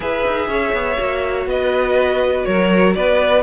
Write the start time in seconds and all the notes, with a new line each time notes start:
0.00 E4 G#4 B4 E5
0.26 D#4
0.48 C#4 C#5
0.73 B3
0.97 A#3 F#4
1.45 B3 B4 D#5
2.44 F#3 A#4 C#5
2.94 B3 B4 D5